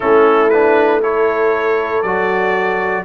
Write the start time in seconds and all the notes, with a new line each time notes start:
0.00 A3 C#4 E4 A4
0.49 D4 B4
1.01 E4 A4 C#5
2.02 F#3 F#4 D5